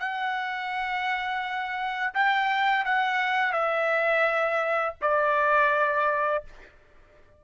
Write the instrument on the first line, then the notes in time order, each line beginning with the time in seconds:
trumpet
0.00 F#5
2.15 G5
2.86 F#5
3.53 E5
5.02 D5